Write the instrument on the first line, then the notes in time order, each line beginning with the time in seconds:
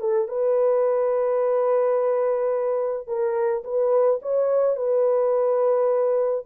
horn
0.00 A4
0.28 B4
3.07 A#4
3.64 B4
4.22 C#5
4.77 B4